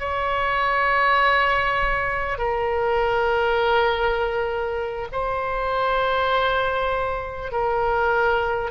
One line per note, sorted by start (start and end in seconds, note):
0.00 2.38 C#5
2.38 5.08 A#4
5.12 7.52 C5
7.52 8.71 A#4